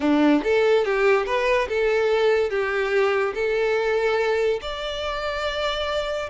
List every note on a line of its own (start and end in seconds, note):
0.00 0.42 D4
0.43 0.84 A4
0.84 1.25 G4
1.25 1.67 B4
1.68 2.49 A4
2.49 3.33 G4
3.34 4.60 A4
4.61 6.29 D5